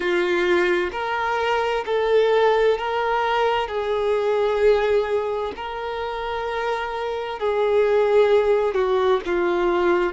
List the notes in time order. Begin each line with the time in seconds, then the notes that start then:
0.00 F4
0.91 A#4
1.85 A4
2.77 A#4
3.68 G#4
5.56 A#4
7.38 G#4
8.74 F#4
9.25 F4